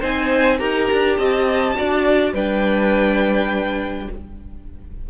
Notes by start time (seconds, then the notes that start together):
0.00 C4 D#4 C5 G#5
0.59 D#4 G4 A#4 A#5
0.92 D4
1.17 C4 D#5 A5
1.75 D4 F#4 D5
2.33 G3 D4 B4 G5